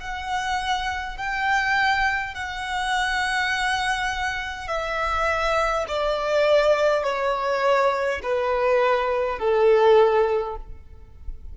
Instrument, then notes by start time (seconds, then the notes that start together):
violin
0.00 F#5
1.17 G5
2.34 F#5
4.68 E5
5.88 D5
7.03 C#5
8.23 B4
9.39 A4